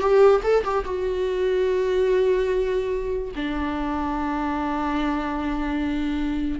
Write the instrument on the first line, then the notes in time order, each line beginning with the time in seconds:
viola
0.00 G4
0.43 A4
0.64 G4
0.85 F#4
3.35 D4